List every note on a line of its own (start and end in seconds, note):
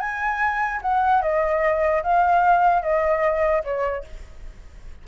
0.00 0.81 G#5
0.82 1.22 F#5
1.22 2.02 D#5
2.03 2.82 F5
2.82 3.63 D#5
3.64 4.04 C#5